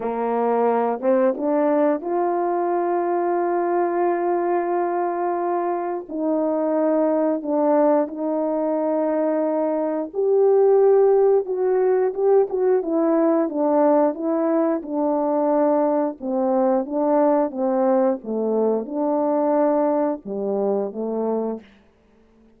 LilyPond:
\new Staff \with { instrumentName = "horn" } { \time 4/4 \tempo 4 = 89 ais4. c'8 d'4 f'4~ | f'1~ | f'4 dis'2 d'4 | dis'2. g'4~ |
g'4 fis'4 g'8 fis'8 e'4 | d'4 e'4 d'2 | c'4 d'4 c'4 a4 | d'2 g4 a4 | }